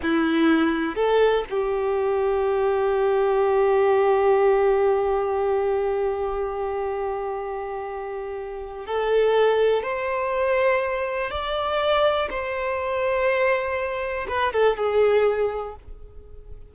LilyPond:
\new Staff \with { instrumentName = "violin" } { \time 4/4 \tempo 4 = 122 e'2 a'4 g'4~ | g'1~ | g'1~ | g'1~ |
g'2 a'2 | c''2. d''4~ | d''4 c''2.~ | c''4 b'8 a'8 gis'2 | }